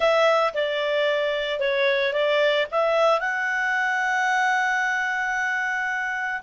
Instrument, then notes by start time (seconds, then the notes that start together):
clarinet
0.00 E5
0.54 D5
1.60 C#5
2.13 D5
2.71 E5
3.20 F#5